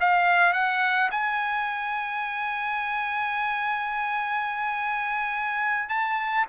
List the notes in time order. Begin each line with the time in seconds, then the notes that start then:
0.00 F5
0.53 F#5
1.11 G#5
5.89 A5